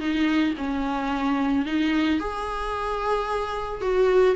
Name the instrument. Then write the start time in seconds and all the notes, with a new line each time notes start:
viola
0.00 D#4
0.58 C#4
1.66 D#4
2.20 G#4
3.82 F#4